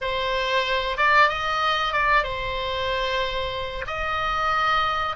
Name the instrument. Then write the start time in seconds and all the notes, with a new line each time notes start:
oboe
0.01 C5
0.97 D5
1.28 D#5
1.92 D5
2.23 C5
3.87 D#5